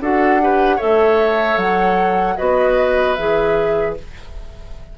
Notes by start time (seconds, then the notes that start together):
0.00 D4 F#4 A4 F#5
0.40 G4 B4
0.76 A3 A4 C#5 E5
1.57 F#3 F#5
2.36 B3 F#4 B4 D#5
3.14 E3 G#4 E5